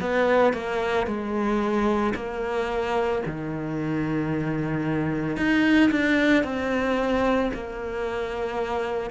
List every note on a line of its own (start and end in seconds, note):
0.00 0.53 B3
0.53 1.06 A#3
1.06 2.13 G#3
2.14 3.21 A#3
3.25 5.36 D#3
5.36 5.90 D#4
5.90 6.43 D4
6.43 7.50 C4
7.53 9.10 A#3